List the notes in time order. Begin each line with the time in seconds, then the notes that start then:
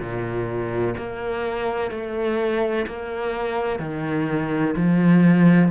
0.00 A#2
0.97 A#3
1.91 A3
2.87 A#3
3.80 D#3
4.76 F3